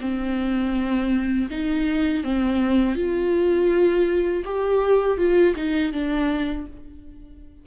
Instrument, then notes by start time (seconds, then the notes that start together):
viola
0.00 C4
1.50 D#4
2.23 C4
2.95 F4
4.44 G4
5.17 F4
5.55 D#4
5.92 D4